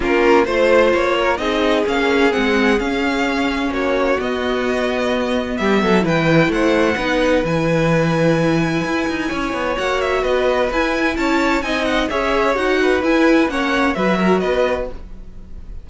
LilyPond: <<
  \new Staff \with { instrumentName = "violin" } { \time 4/4 \tempo 4 = 129 ais'4 c''4 cis''4 dis''4 | f''4 fis''4 f''2 | cis''4 dis''2. | e''4 g''4 fis''2 |
gis''1~ | gis''4 fis''8 e''8 dis''4 gis''4 | a''4 gis''8 fis''8 e''4 fis''4 | gis''4 fis''4 e''4 dis''4 | }
  \new Staff \with { instrumentName = "violin" } { \time 4/4 f'4 c''4. ais'8 gis'4~ | gis'1 | fis'1 | g'8 a'8 b'4 c''4 b'4~ |
b'1 | cis''2 b'2 | cis''4 dis''4 cis''4. b'8~ | b'4 cis''4 b'8 ais'8 b'4 | }
  \new Staff \with { instrumentName = "viola" } { \time 4/4 cis'4 f'2 dis'4 | cis'4 c'4 cis'2~ | cis'4 b2.~ | b4 e'2 dis'4 |
e'1~ | e'4 fis'2 e'4~ | e'4 dis'4 gis'4 fis'4 | e'4 cis'4 fis'2 | }
  \new Staff \with { instrumentName = "cello" } { \time 4/4 ais4 a4 ais4 c'4 | ais4 gis4 cis'2 | ais4 b2. | g8 fis8 e4 a4 b4 |
e2. e'8 dis'8 | cis'8 b8 ais4 b4 e'4 | cis'4 c'4 cis'4 dis'4 | e'4 ais4 fis4 b4 | }
>>